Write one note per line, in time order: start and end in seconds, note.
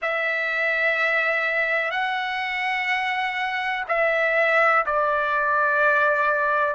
0.01 1.90 E5
1.90 3.84 F#5
3.88 4.85 E5
4.86 6.75 D5